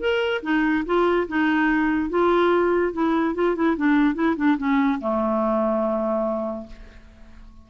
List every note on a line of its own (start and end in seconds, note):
0.00 0.42 A#4
0.43 0.85 D#4
0.86 1.28 F4
1.28 2.10 D#4
2.10 2.93 F4
2.93 3.35 E4
3.35 3.56 F4
3.56 3.77 E4
3.77 4.15 D4
4.15 4.36 E4
4.37 4.58 D4
4.58 5.00 C#4
5.01 6.67 A3